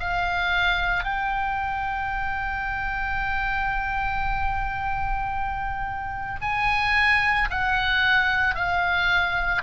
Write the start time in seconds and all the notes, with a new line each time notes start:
0.00 F5
1.04 G5
6.42 G#5
7.50 F#5
8.55 F5